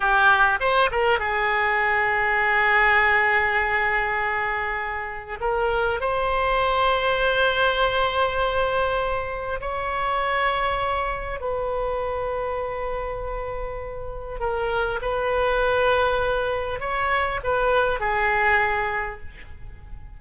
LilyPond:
\new Staff \with { instrumentName = "oboe" } { \time 4/4 \tempo 4 = 100 g'4 c''8 ais'8 gis'2~ | gis'1~ | gis'4 ais'4 c''2~ | c''1 |
cis''2. b'4~ | b'1 | ais'4 b'2. | cis''4 b'4 gis'2 | }